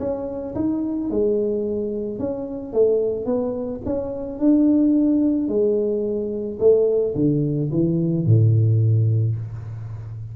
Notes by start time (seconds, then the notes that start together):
0.00 C#4
0.56 D#4
1.11 G#3
2.20 C#4
2.73 A3
3.26 B3
3.86 C#4
4.39 D4
5.49 G#3
6.60 A3
7.15 D3
7.72 E3
8.26 A2